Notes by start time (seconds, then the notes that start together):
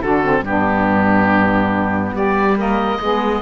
0.00 D3 D4 F#4 A4
0.24 C4
0.42 G2 B3 D4 G4
2.14 G3 G4 D5
2.57 A#3 A#4 D#5
3.01 G#3 B3 G#4